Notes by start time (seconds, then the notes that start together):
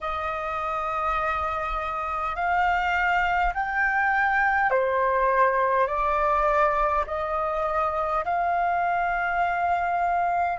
0.00 D#5
2.35 F5
3.53 G5
4.70 C5
5.87 D5
7.06 D#5
8.25 F5